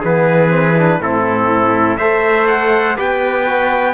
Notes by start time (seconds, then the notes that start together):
0.00 E3 B3 G#4 B4
0.49 C4
0.78 D4
0.99 A2 C4 E4 A4
1.97 A3 A4 C5 E5
2.47 F#5
2.96 B3 G4 B4 G5
3.46 F#4